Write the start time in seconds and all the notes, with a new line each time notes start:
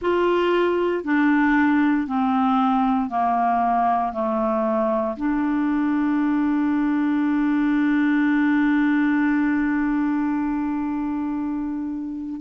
0.01 F4
1.03 D4
2.07 C4
3.09 A#3
4.12 A3
5.16 D4